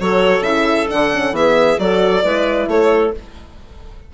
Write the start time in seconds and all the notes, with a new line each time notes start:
0.00 F#3 F#4 A4 C#5
0.41 C#3 E4 E5
0.89 D3 D4 F#5
1.12 C#4
1.32 E3 B3 G#4 E5
1.79 F#3 F#4 A4 D5
2.22 G#3 E4 B4
2.68 A3 A4 C#5